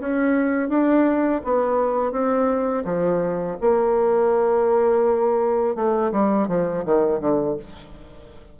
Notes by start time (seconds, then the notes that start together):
0.00 C#4
0.69 D4
1.44 B3
2.12 C4
2.85 F3
3.61 A#3
5.75 A3
6.12 G3
6.48 F3
6.85 D#3
7.20 D3